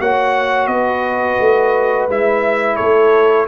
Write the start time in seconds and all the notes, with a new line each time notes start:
0.00 A#3 F#4 C#5 F#5
0.67 B3 B4 D#5
1.40 A3
2.09 G#3 E4 E5
2.76 A3 A4 C#5